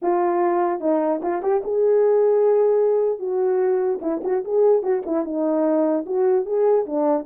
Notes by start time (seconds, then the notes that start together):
0.02 F4
0.80 D#4
1.22 F4
1.42 G4
1.63 G#4
3.19 F#4
4.01 E4
4.24 F#4
4.44 G#4
4.82 F#4
5.06 E4
5.24 D#4
6.06 F#4
6.45 G#4
6.85 D4